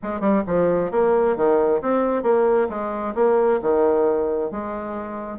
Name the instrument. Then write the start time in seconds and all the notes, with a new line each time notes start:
bassoon
0.02 G#3
0.20 G3
0.46 F3
0.91 A#3
1.36 D#3
1.81 C4
2.22 A#3
2.69 G#3
3.14 A#3
3.62 D#3
4.51 G#3